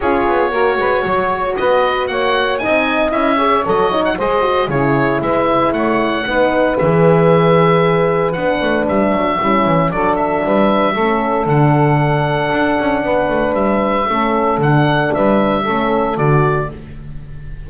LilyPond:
<<
  \new Staff \with { instrumentName = "oboe" } { \time 4/4 \tempo 4 = 115 cis''2. dis''4 | fis''4 gis''4 e''4 dis''8. fis''16 | dis''4 cis''4 e''4 fis''4~ | fis''4 e''2. |
fis''4 e''2 d''8 e''8~ | e''2 fis''2~ | fis''2 e''2 | fis''4 e''2 d''4 | }
  \new Staff \with { instrumentName = "saxophone" } { \time 4/4 gis'4 ais'8 b'8 cis''4 b'4 | cis''4 dis''4. cis''4. | c''4 gis'4 b'4 cis''4 | b'1~ |
b'2 e'4 a'4 | b'4 a'2.~ | a'4 b'2 a'4~ | a'4 b'4 a'2 | }
  \new Staff \with { instrumentName = "horn" } { \time 4/4 f'4 fis'2.~ | fis'4 dis'4 e'8 gis'8 a'8 dis'8 | gis'8 fis'8 e'2. | dis'4 gis'2. |
d'2 cis'4 d'4~ | d'4 cis'4 d'2~ | d'2. cis'4 | d'2 cis'4 fis'4 | }
  \new Staff \with { instrumentName = "double bass" } { \time 4/4 cis'8 b8 ais8 gis8 fis4 b4 | ais4 c'4 cis'4 fis4 | gis4 cis4 gis4 a4 | b4 e2. |
b8 a8 g8 fis8 g8 e8 fis4 | g4 a4 d2 | d'8 cis'8 b8 a8 g4 a4 | d4 g4 a4 d4 | }
>>